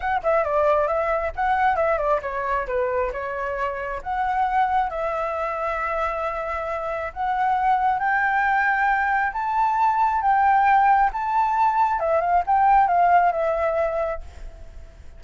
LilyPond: \new Staff \with { instrumentName = "flute" } { \time 4/4 \tempo 4 = 135 fis''8 e''8 d''4 e''4 fis''4 | e''8 d''8 cis''4 b'4 cis''4~ | cis''4 fis''2 e''4~ | e''1 |
fis''2 g''2~ | g''4 a''2 g''4~ | g''4 a''2 e''8 f''8 | g''4 f''4 e''2 | }